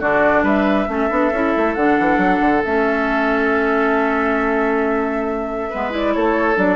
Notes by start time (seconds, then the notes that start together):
0.00 D3 D4 F#4 D5
0.43 G3 B4 E5
0.88 A3 C#4 A4
1.10 B3 D4
1.32 C#4 E4
1.57 A3
1.74 D3 D4 F#5
2.00 E3
2.18 F#3
2.41 D3
2.64 A3 C#4 E5
5.70 G#3 B3 B4
5.90 E4 D5
6.14 A3 A4 C#5
6.55 F#3 D4 D5